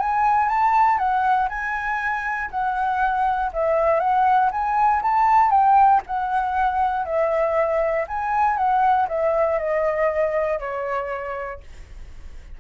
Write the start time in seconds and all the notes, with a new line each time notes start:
0.00 G#5
0.49 A5
0.98 F#5
1.49 G#5
2.51 F#5
3.53 E5
4.00 F#5
4.52 G#5
5.02 A5
5.51 G5
6.07 F#5
7.06 E5
8.08 G#5
8.57 F#5
9.08 E5
9.59 D#5
10.60 C#5